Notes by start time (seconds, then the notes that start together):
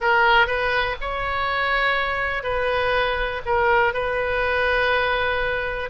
0.00 A#4
0.46 B4
1.01 C#5
2.43 B4
3.45 A#4
3.93 B4